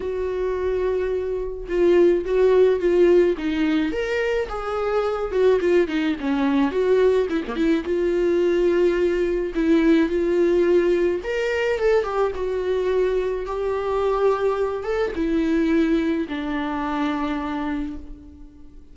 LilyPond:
\new Staff \with { instrumentName = "viola" } { \time 4/4 \tempo 4 = 107 fis'2. f'4 | fis'4 f'4 dis'4 ais'4 | gis'4. fis'8 f'8 dis'8 cis'4 | fis'4 e'16 ais16 e'8 f'2~ |
f'4 e'4 f'2 | ais'4 a'8 g'8 fis'2 | g'2~ g'8 a'8 e'4~ | e'4 d'2. | }